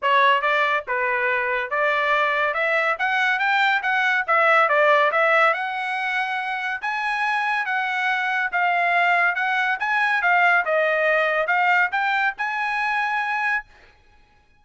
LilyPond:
\new Staff \with { instrumentName = "trumpet" } { \time 4/4 \tempo 4 = 141 cis''4 d''4 b'2 | d''2 e''4 fis''4 | g''4 fis''4 e''4 d''4 | e''4 fis''2. |
gis''2 fis''2 | f''2 fis''4 gis''4 | f''4 dis''2 f''4 | g''4 gis''2. | }